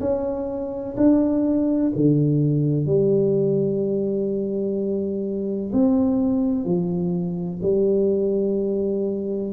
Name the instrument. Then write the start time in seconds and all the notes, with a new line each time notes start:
tuba
0.00 C#4
0.97 D4
1.96 D3
2.86 G3
5.72 C4
6.65 F3
7.62 G3